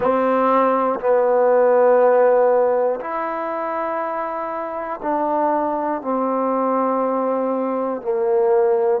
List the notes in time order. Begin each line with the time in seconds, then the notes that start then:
0.00 C4
1.00 B3
3.00 E4
5.02 D4
6.01 C4
8.01 A#3